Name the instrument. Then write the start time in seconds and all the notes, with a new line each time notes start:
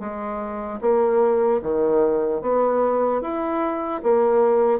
bassoon
0.00 G#3
0.81 A#3
1.63 D#3
2.42 B3
3.22 E4
4.03 A#3